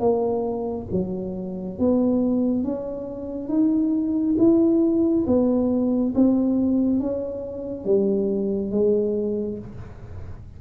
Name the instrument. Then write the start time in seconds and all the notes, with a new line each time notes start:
tuba
0.00 A#3
0.92 F#3
1.79 B3
2.64 C#4
3.49 D#4
4.38 E4
5.27 B3
6.15 C4
7.00 C#4
7.85 G3
8.72 G#3